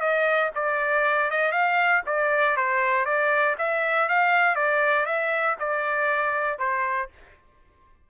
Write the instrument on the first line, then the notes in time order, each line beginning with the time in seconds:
trumpet
0.00 D#5
0.55 D5
1.31 D#5
1.52 F5
2.06 D5
2.56 C5
3.05 D5
3.58 E5
4.08 F5
4.55 D5
5.06 E5
5.59 D5
6.58 C5